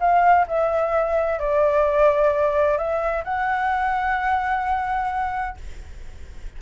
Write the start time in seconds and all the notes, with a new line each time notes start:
0.00 F5
0.48 E5
1.39 D5
2.78 E5
3.25 F#5